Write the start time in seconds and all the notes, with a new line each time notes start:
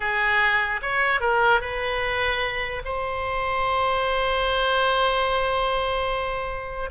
0.00 G#4
0.82 C#5
1.20 A#4
1.60 B4
2.84 C5